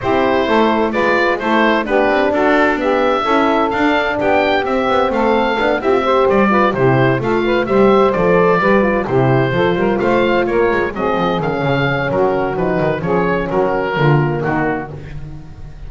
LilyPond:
<<
  \new Staff \with { instrumentName = "oboe" } { \time 4/4 \tempo 4 = 129 c''2 d''4 c''4 | b'4 a'4 e''2 | f''4 g''4 e''4 f''4~ | f''8 e''4 d''4 c''4 f''8~ |
f''8 e''4 d''2 c''8~ | c''4. f''4 cis''4 dis''8~ | dis''8 f''4. ais'4 b'4 | cis''4 ais'2 fis'4 | }
  \new Staff \with { instrumentName = "saxophone" } { \time 4/4 g'4 a'4 b'4 a'4 | g'4 fis'4 g'4 a'4~ | a'4 g'2 a'4~ | a'8 g'8 c''4 b'8 g'4 a'8 |
b'8 c''2 b'4 g'8~ | g'8 a'8 ais'8 c''4 ais'4 gis'8~ | gis'2 fis'2 | gis'4 fis'4 f'4 dis'4 | }
  \new Staff \with { instrumentName = "horn" } { \time 4/4 e'2 f'4 e'4 | d'2 b4 e'4 | d'2 c'2 | d'8 e'16 f'16 g'4 f'8 e'4 f'8~ |
f'8 g'4 a'4 g'8 f'8 e'8~ | e'8 f'2. c'8~ | c'8 cis'2~ cis'8 dis'4 | cis'2 ais2 | }
  \new Staff \with { instrumentName = "double bass" } { \time 4/4 c'4 a4 gis4 a4 | b8 c'8 d'2 cis'4 | d'4 b4 c'8 b8 a4 | b8 c'4 g4 c4 a8~ |
a8 g4 f4 g4 c8~ | c8 f8 g8 a4 ais8 gis8 fis8 | f8 dis8 cis4 fis4 f8 dis8 | f4 fis4 d4 dis4 | }
>>